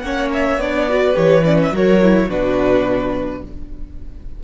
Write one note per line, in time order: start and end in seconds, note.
0.00 0.58 A#3
0.00 0.60 C#4
0.00 0.89 C#5
0.00 0.28 F#5
0.33 0.60 E5
0.58 1.14 B3
0.58 0.89 D4
0.58 1.17 D5
0.89 1.14 F#4
0.89 1.74 B4
1.14 1.71 E3
1.14 1.42 G4
1.14 1.44 C#5
1.44 1.73 C#4
1.44 1.58 D5
1.63 1.76 E5
1.71 2.28 F#3
1.71 2.01 F#4
1.71 2.28 A#4
1.71 2.31 C#5
2.02 2.29 E4
2.28 3.42 B2
2.28 3.43 D4
2.28 3.41 F#4
2.28 3.44 B4